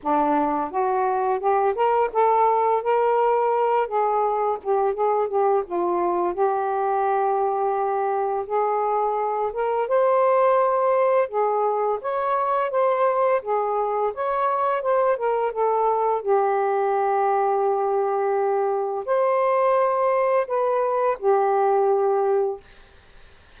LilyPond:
\new Staff \with { instrumentName = "saxophone" } { \time 4/4 \tempo 4 = 85 d'4 fis'4 g'8 ais'8 a'4 | ais'4. gis'4 g'8 gis'8 g'8 | f'4 g'2. | gis'4. ais'8 c''2 |
gis'4 cis''4 c''4 gis'4 | cis''4 c''8 ais'8 a'4 g'4~ | g'2. c''4~ | c''4 b'4 g'2 | }